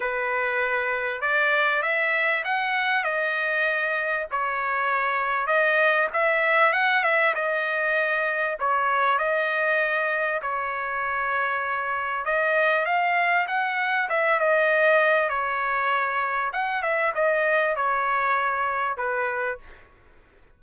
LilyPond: \new Staff \with { instrumentName = "trumpet" } { \time 4/4 \tempo 4 = 98 b'2 d''4 e''4 | fis''4 dis''2 cis''4~ | cis''4 dis''4 e''4 fis''8 e''8 | dis''2 cis''4 dis''4~ |
dis''4 cis''2. | dis''4 f''4 fis''4 e''8 dis''8~ | dis''4 cis''2 fis''8 e''8 | dis''4 cis''2 b'4 | }